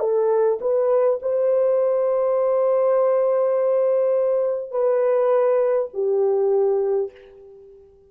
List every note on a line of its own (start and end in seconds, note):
0.00 0.59 A4
0.61 1.20 B4
1.22 4.71 C5
4.71 5.89 B4
5.94 7.11 G4